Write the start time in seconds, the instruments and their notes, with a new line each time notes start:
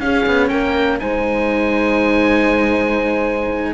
0.00 cello C#4, horn G#4, oboe F5
0.26 cello B3
0.48 cello A#3, horn A#4, oboe G5
1.00 cello G#3 D#4, horn C5, oboe G#5